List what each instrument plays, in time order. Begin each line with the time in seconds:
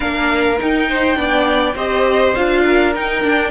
0.00 cello A#3, viola D4, violin A#4 F5
0.58 viola D#4, cello D#4, violin G5
0.88 violin C5
1.14 cello B3, viola D4, violin D5
1.74 cello C4, viola G4, violin C5 D#5
2.35 cello D4, viola F4, violin F5
2.65 violin A#4
2.95 viola D#4, cello D#4, violin G5
3.23 viola D4, cello D4